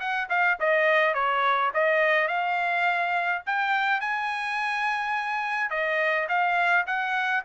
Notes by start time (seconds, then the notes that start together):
0.00 F#5
0.30 F5
0.60 D#5
1.15 C#5
1.74 D#5
2.28 F5
3.46 G5
4.01 G#5
5.70 D#5
6.29 F5
6.87 F#5